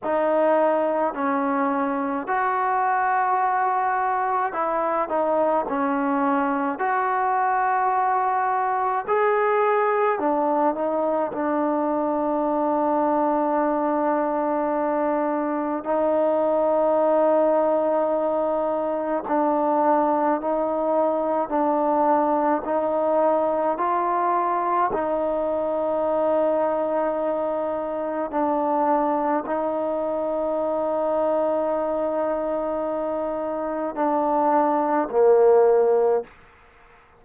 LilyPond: \new Staff \with { instrumentName = "trombone" } { \time 4/4 \tempo 4 = 53 dis'4 cis'4 fis'2 | e'8 dis'8 cis'4 fis'2 | gis'4 d'8 dis'8 d'2~ | d'2 dis'2~ |
dis'4 d'4 dis'4 d'4 | dis'4 f'4 dis'2~ | dis'4 d'4 dis'2~ | dis'2 d'4 ais4 | }